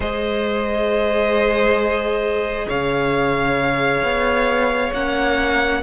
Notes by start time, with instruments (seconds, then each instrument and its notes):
0.00 cello G#3, viola G#4, violin C5 D#5
2.67 cello C#3, violin C#5 F5
4.02 cello B3
4.93 cello A#3, viola C#4, violin F#5